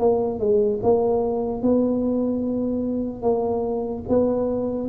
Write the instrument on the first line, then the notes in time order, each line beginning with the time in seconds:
tuba
0.00 A#3
0.40 G#3
0.84 A#3
1.63 B3
3.23 A#3
4.09 B3